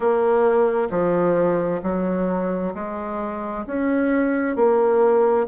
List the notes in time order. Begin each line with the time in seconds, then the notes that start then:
0.00 A#3
0.90 F3
1.83 F#3
2.74 G#3
3.67 C#4
4.56 A#3